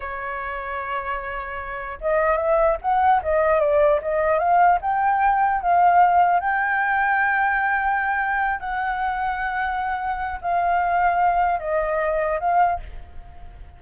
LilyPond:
\new Staff \with { instrumentName = "flute" } { \time 4/4 \tempo 4 = 150 cis''1~ | cis''4 dis''4 e''4 fis''4 | dis''4 d''4 dis''4 f''4 | g''2 f''2 |
g''1~ | g''4. fis''2~ fis''8~ | fis''2 f''2~ | f''4 dis''2 f''4 | }